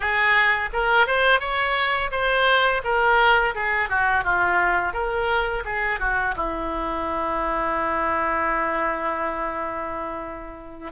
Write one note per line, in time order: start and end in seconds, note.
0.00 0.69 G#4
0.72 1.07 A#4
1.07 1.40 C5
1.40 2.10 C#5
2.11 2.81 C5
2.84 3.54 A#4
3.55 3.89 G#4
3.89 4.24 F#4
4.24 4.93 F4
4.93 5.63 A#4
5.64 5.99 G#4
5.99 6.34 F#4
6.36 10.92 E4